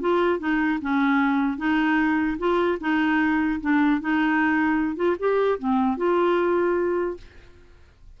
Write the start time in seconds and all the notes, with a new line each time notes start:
0.00 F4
0.39 D#4
0.81 C#4
1.57 D#4
2.38 F4
2.80 D#4
3.60 D4
4.01 D#4
4.96 F4
5.19 G4
5.58 C4
5.97 F4